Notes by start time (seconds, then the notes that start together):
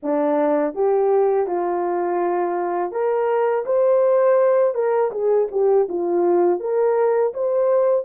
0.02 D4
0.74 G4
1.46 F4
2.91 A#4
3.65 C5
4.74 A#4
5.11 G#4
5.51 G4
5.88 F4
6.60 A#4
7.33 C5